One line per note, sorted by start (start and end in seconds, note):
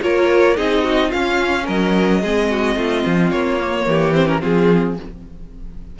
0.00 0.57 A#3
0.00 0.55 F4
0.00 0.56 A#4
0.00 0.57 C#5
0.56 1.12 C4
0.56 1.11 D#4
0.56 0.83 G#4
0.56 1.11 D#5
0.83 1.07 F#4
1.07 2.22 C#4
1.07 1.62 F4
1.07 1.66 F5
1.13 1.68 C#4
1.65 2.23 F#3
1.65 2.20 A#4
1.65 3.31 D#5
2.21 2.76 G#3
2.21 3.59 C4
2.21 2.48 G#4
2.50 2.76 F#4
2.76 3.03 A3
2.76 3.86 F4
3.05 3.31 F3
3.31 3.86 A#3
3.31 4.13 C#5
3.59 4.13 A#3
3.86 4.41 E3
3.86 4.40 G4
4.13 4.26 C4
4.13 4.27 C5
4.26 4.39 C#4
4.26 4.41 A#4
4.39 4.99 F3
4.39 4.94 C4
4.39 4.95 F4
4.39 4.98 G#4